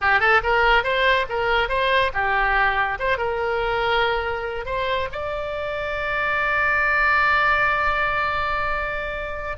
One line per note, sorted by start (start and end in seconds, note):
0.01 0.20 G4
0.20 0.41 A4
0.43 0.83 A#4
0.83 1.26 C5
1.29 1.68 A#4
1.68 2.11 C5
2.13 2.98 G4
2.99 3.17 C5
3.17 4.65 A#4
4.65 5.08 C5
5.12 9.57 D5